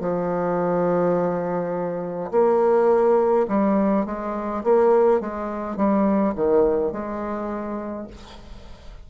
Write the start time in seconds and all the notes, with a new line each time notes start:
0.00 F3
2.31 A#3
3.48 G3
4.05 G#3
4.64 A#3
5.20 G#3
5.76 G3
6.35 D#3
6.92 G#3